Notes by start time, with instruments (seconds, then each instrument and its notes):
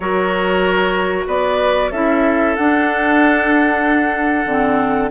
0.00 bassoon F#3, clarinet F#4, oboe A#4, flute C#5
1.26 bassoon B3, oboe B4, flute D5
1.91 bassoon C#4, clarinet E4, oboe A4, flute E5
2.55 clarinet D4, bassoon D4, flute F#5
4.45 bassoon D3, clarinet C4